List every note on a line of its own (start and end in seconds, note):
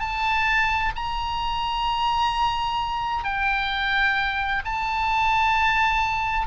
0.00 0.92 A5
0.96 3.24 A#5
3.24 4.63 G5
4.65 6.47 A5